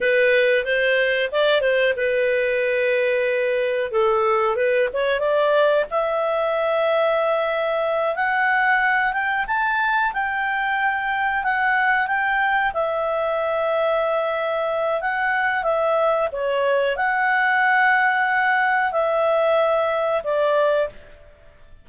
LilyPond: \new Staff \with { instrumentName = "clarinet" } { \time 4/4 \tempo 4 = 92 b'4 c''4 d''8 c''8 b'4~ | b'2 a'4 b'8 cis''8 | d''4 e''2.~ | e''8 fis''4. g''8 a''4 g''8~ |
g''4. fis''4 g''4 e''8~ | e''2. fis''4 | e''4 cis''4 fis''2~ | fis''4 e''2 d''4 | }